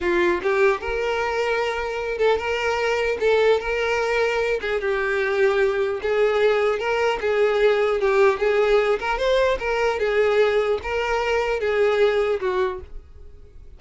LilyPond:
\new Staff \with { instrumentName = "violin" } { \time 4/4 \tempo 4 = 150 f'4 g'4 ais'2~ | ais'4. a'8 ais'2 | a'4 ais'2~ ais'8 gis'8 | g'2. gis'4~ |
gis'4 ais'4 gis'2 | g'4 gis'4. ais'8 c''4 | ais'4 gis'2 ais'4~ | ais'4 gis'2 fis'4 | }